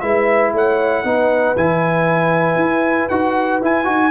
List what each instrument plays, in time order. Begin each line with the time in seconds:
0.00 tuba G#3, trombone E4, horn B4, trumpet E5
0.53 tuba A3, horn C#5, trumpet F#5
1.04 tuba B3, trombone D#4, horn B4
1.56 tuba E3, trombone E4, trumpet G#5
2.55 tuba E4
3.09 tuba D#4, trombone F#4, trumpet F#5
3.60 tuba E4, trombone E4, trumpet G#5
3.84 tuba D#4, trombone F#4